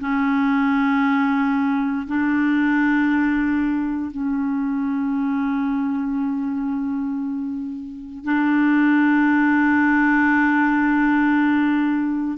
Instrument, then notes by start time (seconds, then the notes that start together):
clarinet
0.00 C#4
2.07 D4
4.11 C#4
8.25 D4